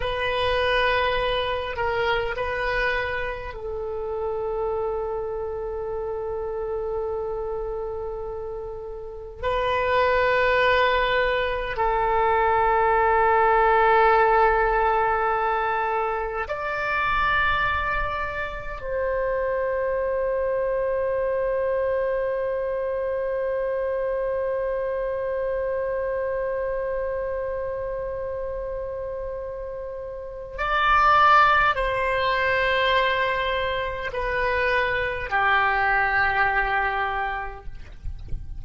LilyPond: \new Staff \with { instrumentName = "oboe" } { \time 4/4 \tempo 4 = 51 b'4. ais'8 b'4 a'4~ | a'1 | b'2 a'2~ | a'2 d''2 |
c''1~ | c''1~ | c''2 d''4 c''4~ | c''4 b'4 g'2 | }